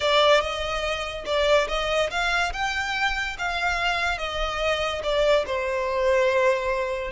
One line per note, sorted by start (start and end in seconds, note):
0.00 0.41 D5
0.41 1.25 D#5
1.25 1.67 D5
1.67 2.09 D#5
2.10 2.52 F5
2.53 3.36 G5
3.38 4.17 F5
4.17 5.01 D#5
5.03 5.45 D5
5.46 7.11 C5